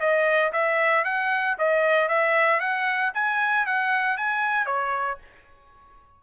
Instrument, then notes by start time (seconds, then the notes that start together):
trumpet
0.00 D#5
0.52 E5
1.05 F#5
1.58 D#5
2.08 E5
2.60 F#5
3.14 G#5
3.66 F#5
4.17 G#5
4.66 C#5